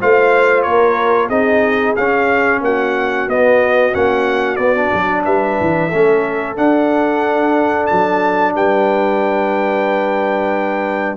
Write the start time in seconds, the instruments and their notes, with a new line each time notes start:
0.00 tuba A3, trombone F4, horn C5, trumpet F5
0.62 tuba A#3, horn A#4, trumpet C#5
1.28 tuba C4, trombone D#4, horn G#4, trumpet D#5
1.96 tuba C#4, trombone C#4, trumpet F5
2.61 tuba A#3, horn F#4, trumpet F#5
3.28 tuba B3, trombone B3, trumpet D#5
3.92 tuba A#3, trombone C#4, trumpet F#5
4.56 tuba B3, trombone B3, trumpet D5
4.76 trombone D4
4.94 tuba F#3
5.25 tuba G3, horn B4, trumpet E5
5.61 tuba E3
5.89 tuba A3, trombone C#4, horn A4
6.56 trombone D4, tuba D4, trumpet F#5
7.87 tuba F#3, trumpet A5
8.55 tuba G3, horn B4, trumpet G5